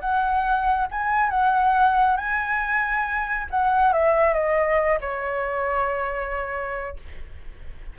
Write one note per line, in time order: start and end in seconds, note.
0.00 0.87 F#5
0.91 1.30 G#5
1.30 2.17 F#5
2.17 3.47 G#5
3.50 3.93 F#5
3.93 4.33 E5
4.33 4.98 D#5
5.00 6.96 C#5